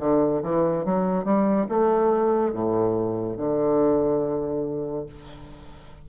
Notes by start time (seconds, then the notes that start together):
0.00 D3
0.43 E3
0.85 F#3
1.24 G3
1.69 A3
2.53 A2
3.38 D3